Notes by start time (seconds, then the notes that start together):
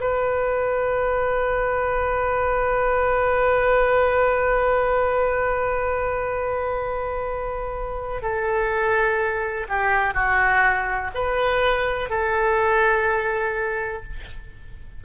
0.00 B4
8.22 A4
9.69 G4
10.14 F#4
11.15 B4
12.10 A4